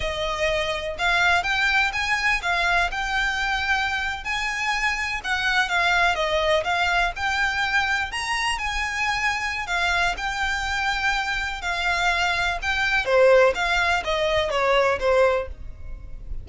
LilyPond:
\new Staff \with { instrumentName = "violin" } { \time 4/4 \tempo 4 = 124 dis''2 f''4 g''4 | gis''4 f''4 g''2~ | g''8. gis''2 fis''4 f''16~ | f''8. dis''4 f''4 g''4~ g''16~ |
g''8. ais''4 gis''2~ gis''16 | f''4 g''2. | f''2 g''4 c''4 | f''4 dis''4 cis''4 c''4 | }